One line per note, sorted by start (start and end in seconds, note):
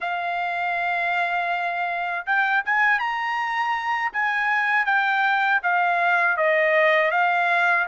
0.00 2.25 F5
2.26 2.63 G5
2.65 2.99 G#5
2.99 4.11 A#5
4.12 4.85 G#5
4.85 5.60 G5
5.62 6.36 F5
6.36 7.11 D#5
7.11 7.86 F5